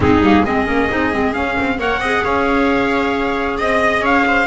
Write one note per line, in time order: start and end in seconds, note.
0.00 0.20 G#3
0.00 0.21 C4
0.00 0.43 D#4
0.00 0.45 G#4
0.20 0.42 G3
0.20 0.45 A#3
0.43 0.67 G#3
0.43 0.65 C4
0.43 1.77 G#4
0.43 1.33 D#5
0.65 0.89 A#3
0.65 0.88 C#4
0.89 1.13 C4
0.89 1.12 D#4
1.12 1.35 G#3
1.12 1.32 C4
1.32 1.77 C#4
1.32 1.57 C#4
1.32 1.78 F5
1.59 1.78 C4
1.78 1.98 A#3
1.78 2.00 A#4
1.78 2.00 C#5
1.78 2.25 F#5
1.98 2.21 C4
1.98 4.47 G#4
1.98 2.23 D#5
2.24 3.59 C#4
2.24 3.58 C#5
2.24 3.59 F5
3.58 4.00 C4
3.58 4.02 D#5
3.58 4.05 D#5
4.00 4.45 C#4
4.00 4.24 C#5
4.00 4.47 F5
4.27 4.47 C5